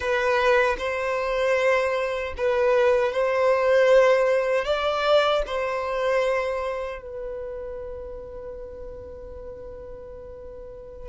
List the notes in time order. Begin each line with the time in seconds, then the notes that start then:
0.00 B4
0.78 C5
2.37 B4
3.12 C5
4.64 D5
5.46 C5
7.02 B4